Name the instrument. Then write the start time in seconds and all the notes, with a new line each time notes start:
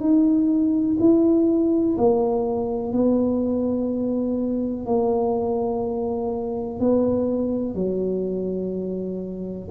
tuba
0.00 D#4
0.99 E4
1.98 A#3
2.92 B3
4.86 A#3
6.79 B3
7.75 F#3